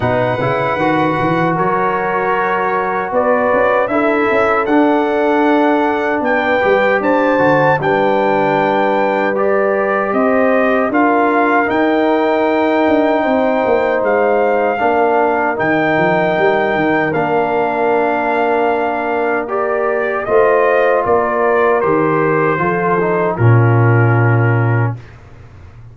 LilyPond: <<
  \new Staff \with { instrumentName = "trumpet" } { \time 4/4 \tempo 4 = 77 fis''2 cis''2 | d''4 e''4 fis''2 | g''4 a''4 g''2 | d''4 dis''4 f''4 g''4~ |
g''2 f''2 | g''2 f''2~ | f''4 d''4 dis''4 d''4 | c''2 ais'2 | }
  \new Staff \with { instrumentName = "horn" } { \time 4/4 b'2 ais'2 | b'4 a'2. | b'4 c''4 b'2~ | b'4 c''4 ais'2~ |
ais'4 c''2 ais'4~ | ais'1~ | ais'2 c''4 ais'4~ | ais'4 a'4 f'2 | }
  \new Staff \with { instrumentName = "trombone" } { \time 4/4 dis'8 e'8 fis'2.~ | fis'4 e'4 d'2~ | d'8 g'4 fis'8 d'2 | g'2 f'4 dis'4~ |
dis'2. d'4 | dis'2 d'2~ | d'4 g'4 f'2 | g'4 f'8 dis'8 cis'2 | }
  \new Staff \with { instrumentName = "tuba" } { \time 4/4 b,8 cis8 dis8 e8 fis2 | b8 cis'8 d'8 cis'8 d'2 | b8 g8 d'8 d8 g2~ | g4 c'4 d'4 dis'4~ |
dis'8 d'8 c'8 ais8 gis4 ais4 | dis8 f8 g8 dis8 ais2~ | ais2 a4 ais4 | dis4 f4 ais,2 | }
>>